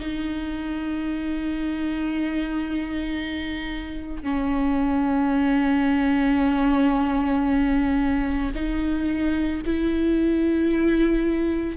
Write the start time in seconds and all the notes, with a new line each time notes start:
0.00 D#4
4.23 C#4
8.55 D#4
9.66 E4